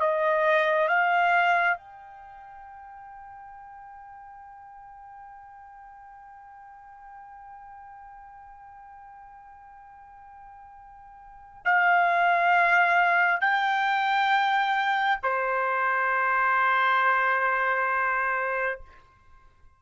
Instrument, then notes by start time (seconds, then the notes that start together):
trumpet
0.00 D#5
0.88 F5
1.77 G5
11.65 F5
13.41 G5
15.23 C5